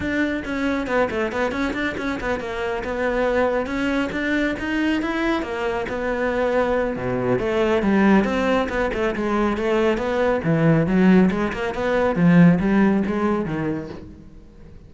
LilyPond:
\new Staff \with { instrumentName = "cello" } { \time 4/4 \tempo 4 = 138 d'4 cis'4 b8 a8 b8 cis'8 | d'8 cis'8 b8 ais4 b4.~ | b8 cis'4 d'4 dis'4 e'8~ | e'8 ais4 b2~ b8 |
b,4 a4 g4 c'4 | b8 a8 gis4 a4 b4 | e4 fis4 gis8 ais8 b4 | f4 g4 gis4 dis4 | }